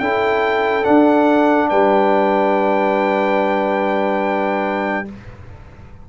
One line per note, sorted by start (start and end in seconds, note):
0.00 0.85 C#4
0.00 0.83 E4
0.00 1.70 A4
0.00 0.85 G5
0.83 5.06 D4
0.83 1.71 D4
0.83 1.69 F#5
1.70 5.09 G3
1.70 5.08 B4
1.70 5.08 G5